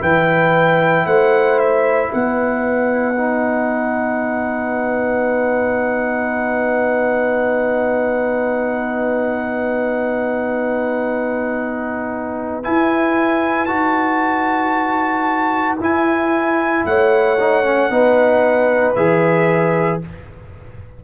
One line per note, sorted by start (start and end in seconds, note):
0.00 1.06 E3
0.00 3.16 E4
0.00 1.06 B4
0.00 1.07 G5
1.06 2.11 A3
1.06 2.11 C5
1.06 1.59 F#5
1.59 2.12 E5
2.13 12.67 B3
2.13 16.87 B4
2.13 12.64 F#5
3.18 12.64 D#4
12.64 13.68 E4
12.64 13.69 E4
12.64 13.66 G#5
13.66 15.79 D#4
13.66 15.78 F#4
13.66 15.77 A5
15.80 16.85 E4
15.80 17.39 E4
15.80 16.86 G#5
16.86 17.91 A3
16.86 17.94 C#5
16.86 18.95 F#5
17.40 17.64 D#4
17.64 17.90 C#4
17.91 18.96 B3
17.91 18.96 D#4
17.91 20.04 B4
18.95 20.02 E3
18.95 20.02 G#4
18.95 20.01 E5